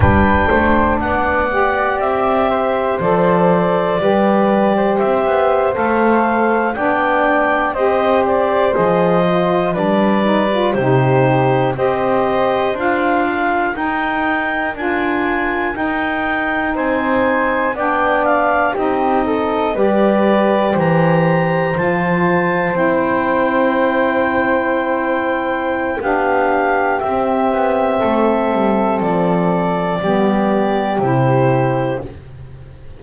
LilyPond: <<
  \new Staff \with { instrumentName = "clarinet" } { \time 4/4 \tempo 4 = 60 g''4 fis''4 e''4 d''4~ | d''4 e''8. f''4 g''4 dis''16~ | dis''16 d''8 dis''4 d''4 c''4 dis''16~ | dis''8. f''4 g''4 gis''4 g''16~ |
g''8. gis''4 g''8 f''8 dis''4 d''16~ | d''8. ais''4 a''4 g''4~ g''16~ | g''2 f''4 e''4~ | e''4 d''2 c''4 | }
  \new Staff \with { instrumentName = "flute" } { \time 4/4 b'8 c''8 d''4. c''4. | b'8. c''2 d''4 c''16~ | c''4.~ c''16 b'4 g'4 c''16~ | c''4~ c''16 ais'2~ ais'8.~ |
ais'8. c''4 d''4 g'8 a'8 b'16~ | b'8. c''2.~ c''16~ | c''2 g'2 | a'2 g'2 | }
  \new Staff \with { instrumentName = "saxophone" } { \time 4/4 d'4. g'4. a'4 | g'4.~ g'16 a'4 d'4 g'16~ | g'8. gis'8 f'8 d'8 dis'16 f'16 dis'4 g'16~ | g'8. f'4 dis'4 f'4 dis'16~ |
dis'4.~ dis'16 d'4 dis'4 g'16~ | g'4.~ g'16 f'4 e'4~ e'16~ | e'2 d'4 c'4~ | c'2 b4 e'4 | }
  \new Staff \with { instrumentName = "double bass" } { \time 4/4 g8 a8 b4 c'4 f4 | g4 c'16 b8 a4 b4 c'16~ | c'8. f4 g4 c4 c'16~ | c'8. d'4 dis'4 d'4 dis'16~ |
dis'8. c'4 b4 c'4 g16~ | g8. e4 f4 c'4~ c'16~ | c'2 b4 c'8 b8 | a8 g8 f4 g4 c4 | }
>>